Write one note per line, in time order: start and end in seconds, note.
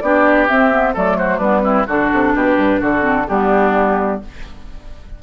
0.00 0.49 B3
0.00 0.48 D4
0.00 0.93 G4
0.00 0.47 D5
0.47 0.71 C4
0.47 0.96 C4
0.47 0.94 E5
0.71 0.94 B3
0.93 1.39 F#3
0.93 1.41 A3
0.93 1.17 A4
0.93 1.17 D5
1.17 1.37 F#4
1.17 1.39 C5
1.37 1.86 G3
1.37 1.62 B3
1.37 1.61 D4
1.37 1.85 B4
1.62 1.85 C4
1.62 1.86 E4
1.86 2.11 D3
1.86 2.99 D4
1.86 2.33 F#4
1.86 2.36 A4
2.12 2.35 C3
2.35 2.57 B2
2.35 2.80 G4
2.35 2.82 B4
2.57 2.80 G2
2.80 3.28 D3
2.80 3.26 F#4
2.80 3.28 A4
2.99 3.23 C4
3.28 4.22 G3
3.28 4.21 B3
3.28 4.21 D4
3.28 4.21 G4